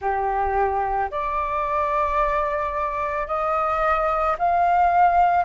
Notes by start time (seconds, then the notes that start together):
0.00 G4
1.10 D5
3.27 D#5
4.38 F5